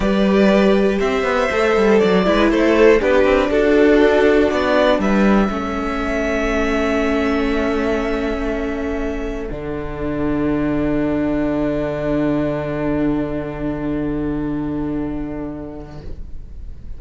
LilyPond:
<<
  \new Staff \with { instrumentName = "violin" } { \time 4/4 \tempo 4 = 120 d''2 e''2 | d''4 c''4 b'4 a'4~ | a'4 d''4 e''2~ | e''1~ |
e''2. fis''4~ | fis''1~ | fis''1~ | fis''1 | }
  \new Staff \with { instrumentName = "violin" } { \time 4/4 b'2 c''2~ | c''8 b'8 a'4 g'4 fis'4~ | fis'2 b'4 a'4~ | a'1~ |
a'1~ | a'1~ | a'1~ | a'1 | }
  \new Staff \with { instrumentName = "viola" } { \time 4/4 g'2. a'4~ | a'8 e'4. d'2~ | d'2. cis'4~ | cis'1~ |
cis'2. d'4~ | d'1~ | d'1~ | d'1 | }
  \new Staff \with { instrumentName = "cello" } { \time 4/4 g2 c'8 b8 a8 g8 | fis8 gis8 a4 b8 c'8 d'4~ | d'4 b4 g4 a4~ | a1~ |
a2. d4~ | d1~ | d1~ | d1 | }
>>